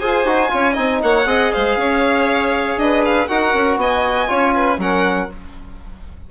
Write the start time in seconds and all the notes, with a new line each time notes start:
0.00 F4 G#4 C5 G#5
0.25 D#4 F#4
0.50 C#4 F4 C#5
0.73 C4 D#4 D#5
1.03 A#3 C#5 F#5
1.25 C4 G#4 D#5
1.53 G#3 C5 F5
1.77 C#4 C#5
2.76 D4 B4 D#5
3.05 F5
3.27 D#4 F#4 A#4 F#5
3.54 C#4
3.77 B3 D#5 G#5
4.28 C#4 F4 C#5
4.55 B4
4.78 F#3 C#4 A#4 F#5